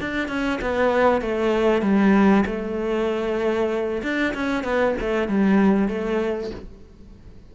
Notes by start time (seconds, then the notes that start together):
0.00 D4
0.28 C#4
0.61 B3
1.21 A3
1.82 G3
2.46 A3
4.03 D4
4.34 C#4
4.64 B3
5.00 A3
5.28 G3
5.88 A3